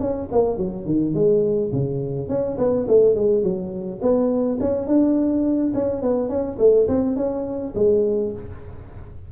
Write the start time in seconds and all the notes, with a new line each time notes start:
0.00 C#4
0.31 A#3
0.57 F#3
0.85 D#3
1.14 G#3
1.72 C#3
2.29 C#4
2.58 B3
2.88 A3
3.15 G#3
3.43 F#3
4.02 B3
4.60 C#4
4.87 D4
5.74 C#4
6.02 B3
6.29 C#4
6.58 A3
6.88 C4
7.16 C#4
7.75 G#3